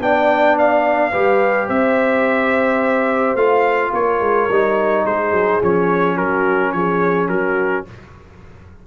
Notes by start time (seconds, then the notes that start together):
0.00 B3 D4 D5 G5
0.59 F5
1.12 G3 G4 B4
1.67 C4 C5 E5
3.35 A3 F4 F5
3.93 A#3 A#4 C#5
4.20 G#3
4.50 G3 D#4
5.05 G#3 G#4 C5
5.32 F#3
5.62 F3 C#4 C#5
6.16 F#3 F#4 A#4
6.72 F3 G#4 C#5
7.28 F#3 F#4 A#4